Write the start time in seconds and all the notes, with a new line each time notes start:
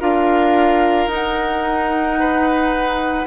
0.00 D4 F4 A#4 F5
1.07 D#4
1.13 F#5
2.19 B4